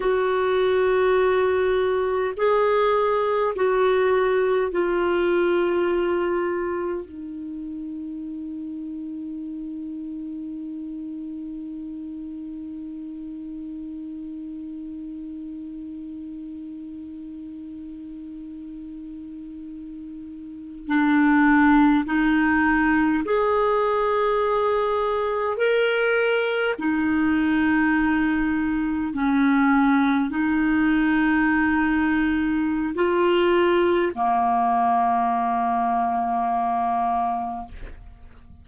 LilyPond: \new Staff \with { instrumentName = "clarinet" } { \time 4/4 \tempo 4 = 51 fis'2 gis'4 fis'4 | f'2 dis'2~ | dis'1~ | dis'1~ |
dis'4.~ dis'16 d'4 dis'4 gis'16~ | gis'4.~ gis'16 ais'4 dis'4~ dis'16~ | dis'8. cis'4 dis'2~ dis'16 | f'4 ais2. | }